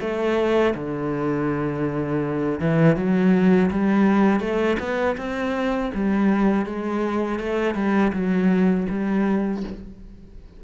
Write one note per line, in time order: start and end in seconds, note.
0.00 0.74 A3
0.74 2.60 D3
2.60 2.96 E3
2.96 3.70 F#3
3.71 4.40 G3
4.40 4.77 A3
4.79 5.16 B3
5.17 5.91 C4
5.94 6.65 G3
6.65 7.39 G#3
7.39 7.74 A3
7.74 8.11 G3
8.12 8.87 F#3
8.89 9.63 G3